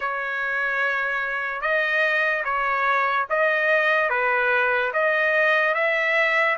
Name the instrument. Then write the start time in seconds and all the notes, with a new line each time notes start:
trumpet
0.00 C#5
1.61 D#5
2.44 C#5
3.29 D#5
4.09 B4
4.93 D#5
5.74 E5